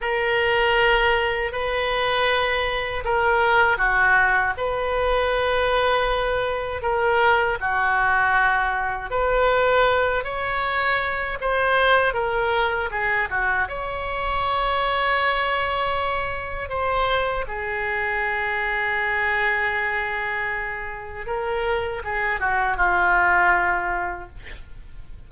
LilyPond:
\new Staff \with { instrumentName = "oboe" } { \time 4/4 \tempo 4 = 79 ais'2 b'2 | ais'4 fis'4 b'2~ | b'4 ais'4 fis'2 | b'4. cis''4. c''4 |
ais'4 gis'8 fis'8 cis''2~ | cis''2 c''4 gis'4~ | gis'1 | ais'4 gis'8 fis'8 f'2 | }